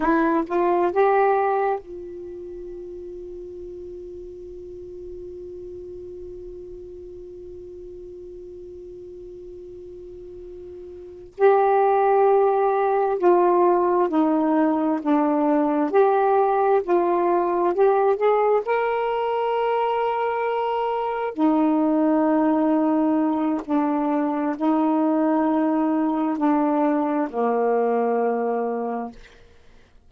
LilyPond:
\new Staff \with { instrumentName = "saxophone" } { \time 4/4 \tempo 4 = 66 e'8 f'8 g'4 f'2~ | f'1~ | f'1~ | f'8 g'2 f'4 dis'8~ |
dis'8 d'4 g'4 f'4 g'8 | gis'8 ais'2. dis'8~ | dis'2 d'4 dis'4~ | dis'4 d'4 ais2 | }